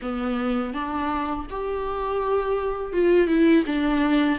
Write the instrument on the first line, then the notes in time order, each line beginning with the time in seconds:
viola
0.02 B3
0.73 D4
1.50 G4
2.93 F4
3.27 E4
3.66 D4